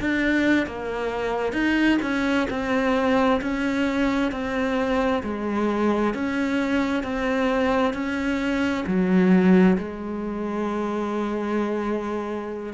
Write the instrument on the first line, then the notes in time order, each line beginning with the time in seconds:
cello
0.00 D4
0.66 A#3
1.52 D#4
2.02 C#4
2.50 C4
3.41 C#4
4.31 C4
5.23 G#3
6.14 C#4
7.03 C4
7.93 C#4
8.86 F#3
9.78 G#3